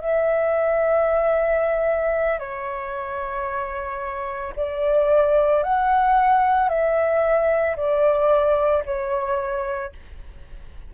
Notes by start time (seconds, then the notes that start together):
0.00 E5
2.39 C#5
4.55 D5
5.63 F#5
6.69 E5
7.76 D5
8.85 C#5